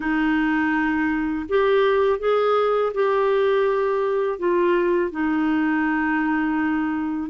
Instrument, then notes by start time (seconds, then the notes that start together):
clarinet
0.00 D#4
1.48 G4
2.19 G#4
2.94 G4
4.38 F4
5.11 D#4